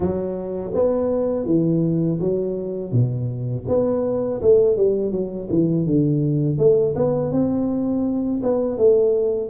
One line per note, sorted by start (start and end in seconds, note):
0.00 0.72 F#3
0.74 1.45 B3
1.45 2.19 E3
2.20 2.91 F#3
2.91 3.65 B2
3.68 4.41 B3
4.41 4.76 A3
4.76 5.11 G3
5.11 5.48 F#3
5.49 5.85 E3
5.85 6.58 D3
6.58 6.94 A3
6.95 7.32 B3
7.32 8.41 C4
8.42 8.77 B3
8.77 9.50 A3